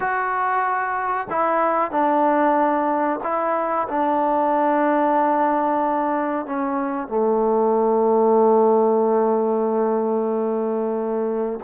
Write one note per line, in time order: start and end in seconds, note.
0.00 1.27 F#4
1.29 1.91 E4
1.91 3.20 D4
3.23 3.87 E4
3.88 6.45 D4
6.45 7.08 C#4
7.08 11.59 A3